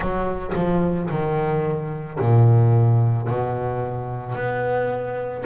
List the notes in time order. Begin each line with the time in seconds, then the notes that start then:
0.00 F#3
0.55 F3
1.10 D#3
2.19 A#2
3.27 B2
4.35 B3